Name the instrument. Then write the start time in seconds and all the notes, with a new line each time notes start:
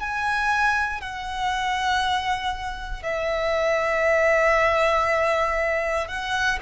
violin
0.00 G#5
1.01 F#5
3.03 E5
6.08 F#5